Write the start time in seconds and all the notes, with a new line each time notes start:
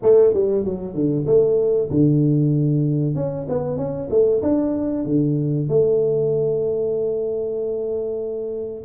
0.02 A3
0.33 G3
0.64 F#3
0.94 D3
1.26 A3
1.90 D3
3.15 C#4
3.49 B3
3.77 C#4
4.10 A3
4.42 D4
5.05 D3
5.68 A3